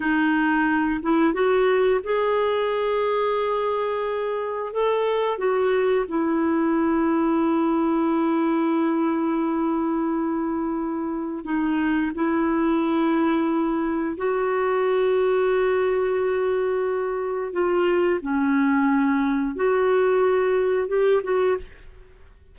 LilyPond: \new Staff \with { instrumentName = "clarinet" } { \time 4/4 \tempo 4 = 89 dis'4. e'8 fis'4 gis'4~ | gis'2. a'4 | fis'4 e'2.~ | e'1~ |
e'4 dis'4 e'2~ | e'4 fis'2.~ | fis'2 f'4 cis'4~ | cis'4 fis'2 g'8 fis'8 | }